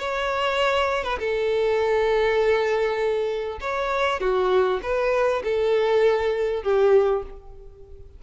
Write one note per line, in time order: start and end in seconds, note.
0.00 1.04 C#5
1.04 1.19 B4
1.20 3.60 A4
3.61 4.21 C#5
4.21 4.81 F#4
4.83 5.43 B4
5.44 6.64 A4
6.64 7.24 G4